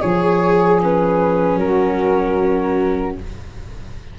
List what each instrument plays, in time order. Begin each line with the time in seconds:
0.00 tuba F3, viola G#4, saxophone G#4, flute C#5
0.81 viola C#4, flute B4
1.55 tuba F#3, saxophone F#4, flute A#4